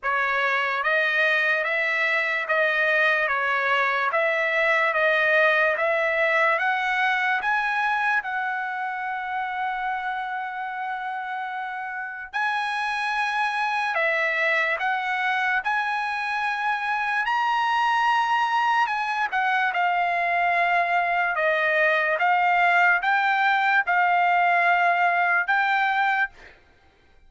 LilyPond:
\new Staff \with { instrumentName = "trumpet" } { \time 4/4 \tempo 4 = 73 cis''4 dis''4 e''4 dis''4 | cis''4 e''4 dis''4 e''4 | fis''4 gis''4 fis''2~ | fis''2. gis''4~ |
gis''4 e''4 fis''4 gis''4~ | gis''4 ais''2 gis''8 fis''8 | f''2 dis''4 f''4 | g''4 f''2 g''4 | }